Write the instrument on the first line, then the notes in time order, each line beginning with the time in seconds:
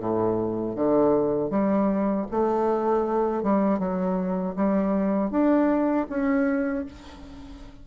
bassoon
0.00 A2
0.76 D3
1.51 G3
2.32 A3
3.43 G3
3.79 F#3
4.56 G3
5.31 D4
6.10 C#4